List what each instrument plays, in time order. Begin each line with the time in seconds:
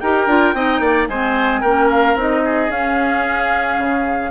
0.00 bassoon D#4, clarinet G4, oboe A#4, flute G5
0.27 bassoon D4, clarinet F4
0.54 bassoon C4, clarinet D#4, oboe D#5
0.80 bassoon A#3, oboe D5
1.09 bassoon G#3, clarinet C4, oboe C5, flute G#5
1.61 bassoon A#3, clarinet C#4, oboe A#4, flute G5
1.91 flute F5
2.16 bassoon C4, clarinet D#4, flute D#5
2.45 oboe G#4
2.69 bassoon C#4, clarinet C#4, flute F5
3.79 bassoon C#3